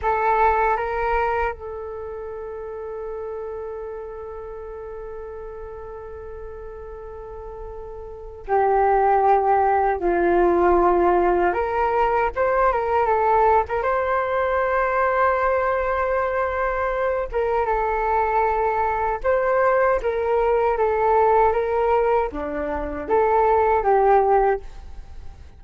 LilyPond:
\new Staff \with { instrumentName = "flute" } { \time 4/4 \tempo 4 = 78 a'4 ais'4 a'2~ | a'1~ | a'2. g'4~ | g'4 f'2 ais'4 |
c''8 ais'8 a'8. ais'16 c''2~ | c''2~ c''8 ais'8 a'4~ | a'4 c''4 ais'4 a'4 | ais'4 d'4 a'4 g'4 | }